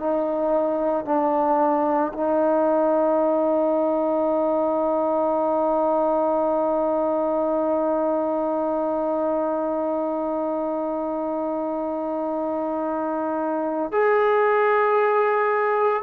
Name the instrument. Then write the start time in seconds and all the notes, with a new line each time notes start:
trombone
0.00 D#4
1.06 D4
2.14 D#4
13.92 G#4